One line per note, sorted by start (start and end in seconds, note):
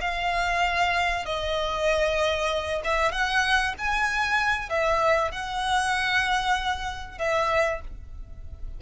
0.00 1.25 F5
1.25 2.81 D#5
2.84 3.11 E5
3.11 3.74 F#5
3.78 4.69 G#5
4.69 5.31 E5
5.31 7.18 F#5
7.18 7.80 E5